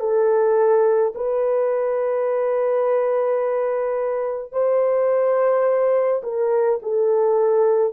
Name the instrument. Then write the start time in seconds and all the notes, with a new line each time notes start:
horn
0.00 A4
1.15 B4
4.52 C5
6.23 A#4
6.82 A4